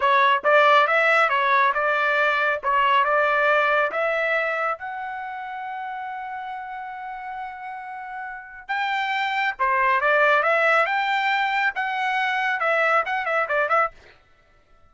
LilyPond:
\new Staff \with { instrumentName = "trumpet" } { \time 4/4 \tempo 4 = 138 cis''4 d''4 e''4 cis''4 | d''2 cis''4 d''4~ | d''4 e''2 fis''4~ | fis''1~ |
fis''1 | g''2 c''4 d''4 | e''4 g''2 fis''4~ | fis''4 e''4 fis''8 e''8 d''8 e''8 | }